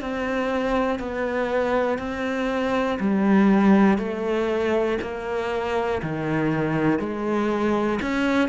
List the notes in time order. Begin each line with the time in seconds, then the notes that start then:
0.00 C4
0.99 B3
1.98 C4
2.99 G3
3.98 A3
5.01 A#3
6.02 D#3
6.99 G#3
8.01 C#4